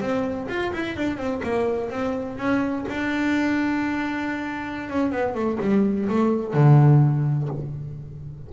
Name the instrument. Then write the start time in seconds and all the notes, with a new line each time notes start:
double bass
0.00 C4
0.48 F4
0.72 E4
0.96 D4
1.17 C4
1.43 A#3
1.90 C4
2.37 C#4
2.88 D4
4.89 C#4
5.11 B3
5.34 A3
5.60 G3
6.08 A3
6.53 D3